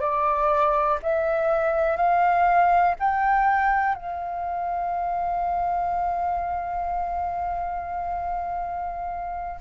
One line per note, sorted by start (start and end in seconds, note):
0.00 0.98 D5
1.02 1.96 E5
1.96 2.95 F5
2.99 3.95 G5
3.95 9.60 F5